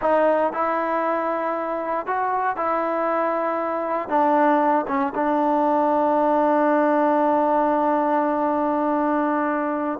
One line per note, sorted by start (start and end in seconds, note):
0.01 0.52 D#4
0.52 2.06 E4
2.06 2.56 F#4
2.56 4.08 E4
4.08 4.85 D4
4.87 5.13 C#4
5.14 9.99 D4